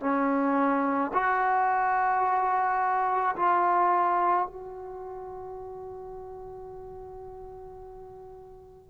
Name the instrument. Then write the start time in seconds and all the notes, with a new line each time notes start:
trombone
0.00 C#4
1.14 F#4
3.36 F4
4.46 F#4